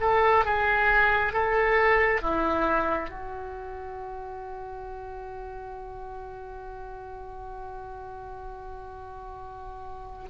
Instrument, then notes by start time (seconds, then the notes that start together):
oboe
0.00 A4
0.45 G#4
1.32 A4
2.21 E4
3.09 F#4